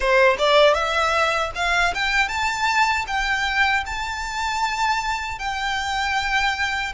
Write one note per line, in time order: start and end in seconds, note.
0.00 0.37 C5
0.38 0.74 D5
0.74 1.51 E5
1.55 1.93 F5
1.94 2.28 G5
2.28 3.05 A5
3.07 3.84 G5
3.86 5.38 A5
5.38 6.92 G5